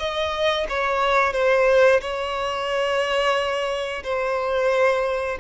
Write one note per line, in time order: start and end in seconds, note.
0.00 0.67 D#5
0.69 1.34 C#5
1.34 2.01 C5
2.01 4.04 C#5
4.04 5.39 C5